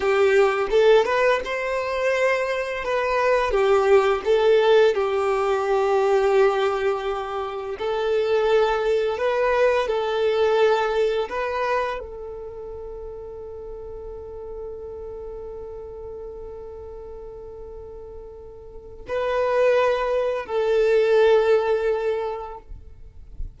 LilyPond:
\new Staff \with { instrumentName = "violin" } { \time 4/4 \tempo 4 = 85 g'4 a'8 b'8 c''2 | b'4 g'4 a'4 g'4~ | g'2. a'4~ | a'4 b'4 a'2 |
b'4 a'2.~ | a'1~ | a'2. b'4~ | b'4 a'2. | }